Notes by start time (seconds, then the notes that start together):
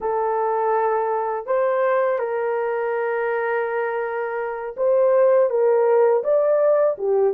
0.00 A4
1.46 C5
2.19 A#4
4.77 C5
5.49 A#4
6.23 D5
6.97 G4